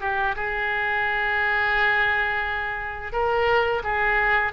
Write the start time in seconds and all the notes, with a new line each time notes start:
0.00 G4
0.36 G#4
3.12 A#4
3.83 G#4